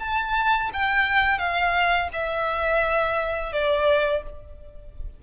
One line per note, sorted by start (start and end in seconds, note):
0.00 0.71 A5
0.74 1.39 G5
1.39 2.09 F5
2.13 3.53 E5
3.53 4.23 D5